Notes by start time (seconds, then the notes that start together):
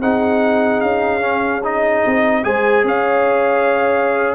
0.00 C4 D#4 G#4 F#5
0.80 C#4 F5
1.20 C#4
1.63 D#4 D#5
2.06 C4
2.43 G#3 G#4 C5 G#5
2.83 C#4 C#5 F5